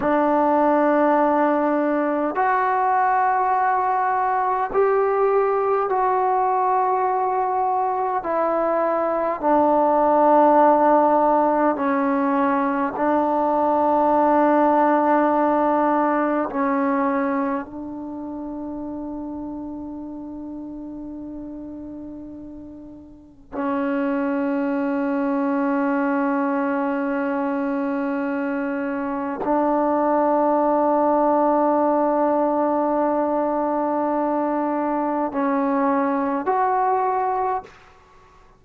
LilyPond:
\new Staff \with { instrumentName = "trombone" } { \time 4/4 \tempo 4 = 51 d'2 fis'2 | g'4 fis'2 e'4 | d'2 cis'4 d'4~ | d'2 cis'4 d'4~ |
d'1 | cis'1~ | cis'4 d'2.~ | d'2 cis'4 fis'4 | }